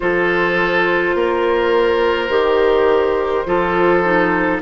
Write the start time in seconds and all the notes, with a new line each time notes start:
0.00 F3 F4 A4 C5
1.14 A#3 A#4
2.29 D#3 G4
3.45 F3 F4 A4
4.04 D#4